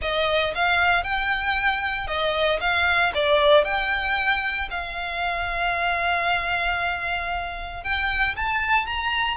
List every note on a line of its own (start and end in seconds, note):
0.01 0.54 D#5
0.54 1.03 F5
1.03 2.07 G5
2.07 2.59 D#5
2.60 3.12 F5
3.14 3.64 D5
3.64 4.68 G5
4.70 7.83 F5
7.83 8.35 G5
8.35 8.86 A5
8.86 9.37 A#5